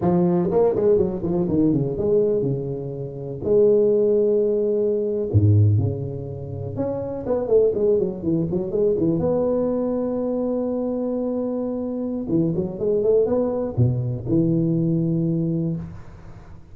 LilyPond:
\new Staff \with { instrumentName = "tuba" } { \time 4/4 \tempo 4 = 122 f4 ais8 gis8 fis8 f8 dis8 cis8 | gis4 cis2 gis4~ | gis2~ gis8. gis,4 cis16~ | cis4.~ cis16 cis'4 b8 a8 gis16~ |
gis16 fis8 e8 fis8 gis8 e8 b4~ b16~ | b1~ | b4 e8 fis8 gis8 a8 b4 | b,4 e2. | }